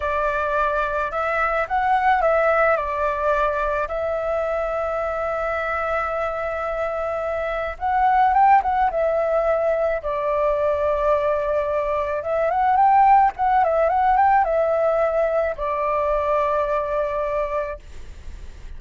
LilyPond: \new Staff \with { instrumentName = "flute" } { \time 4/4 \tempo 4 = 108 d''2 e''4 fis''4 | e''4 d''2 e''4~ | e''1~ | e''2 fis''4 g''8 fis''8 |
e''2 d''2~ | d''2 e''8 fis''8 g''4 | fis''8 e''8 fis''8 g''8 e''2 | d''1 | }